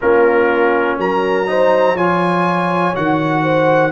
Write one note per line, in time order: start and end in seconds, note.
0.01 0.98 A#3
0.01 1.46 C#4
0.01 0.99 F4
0.01 0.99 A#4
0.98 1.94 F#3
0.98 1.48 A#4
0.98 1.97 A#5
1.46 1.95 D#4
1.46 1.94 C5
1.94 2.93 F3
1.94 2.94 F4
1.94 3.42 C#5
1.94 2.95 G#5
2.94 3.91 D#3
2.94 3.91 F#4
2.94 3.91 F#5
3.42 3.91 C5